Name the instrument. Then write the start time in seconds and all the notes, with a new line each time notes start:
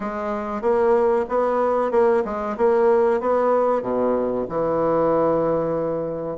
bassoon
0.00 G#3
0.61 A#3
1.29 B3
1.91 A#3
2.24 G#3
2.57 A#3
3.20 B3
3.82 B2
4.49 E3